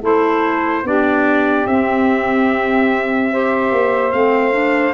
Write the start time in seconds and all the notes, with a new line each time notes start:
0.00 A3 E4 A4 C5
0.83 B3 D4 G4 D5
1.66 C4 E5
3.31 G4 C5
3.71 A#3
4.11 A3 C4 F5
4.52 D4